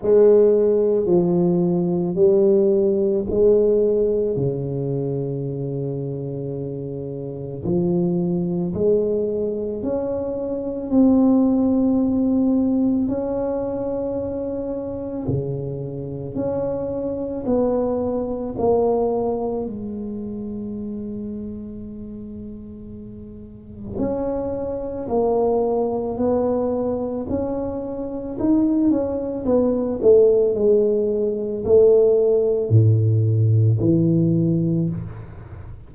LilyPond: \new Staff \with { instrumentName = "tuba" } { \time 4/4 \tempo 4 = 55 gis4 f4 g4 gis4 | cis2. f4 | gis4 cis'4 c'2 | cis'2 cis4 cis'4 |
b4 ais4 gis2~ | gis2 cis'4 ais4 | b4 cis'4 dis'8 cis'8 b8 a8 | gis4 a4 a,4 e4 | }